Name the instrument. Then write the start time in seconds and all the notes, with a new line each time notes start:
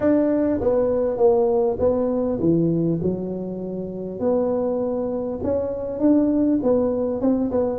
tuba
0.00 D4
0.61 B3
1.17 A#3
1.79 B3
2.39 E3
3.02 F#3
4.19 B3
5.43 C#4
5.99 D4
6.62 B3
7.21 C4
7.51 B3